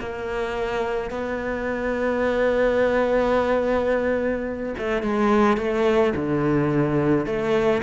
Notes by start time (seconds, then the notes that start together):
0.00 A#3
1.11 B3
4.78 A3
5.03 G#3
5.58 A3
6.16 D3
7.26 A3